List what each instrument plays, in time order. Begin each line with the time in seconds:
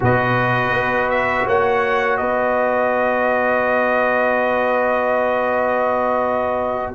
0.00 tuba B2, trombone F#4, horn B4, trumpet D#5
0.72 tuba B3
1.09 trumpet E5
1.45 tuba A#3, horn C#5, trumpet F#5
2.17 tuba B3, horn B4, trumpet D#5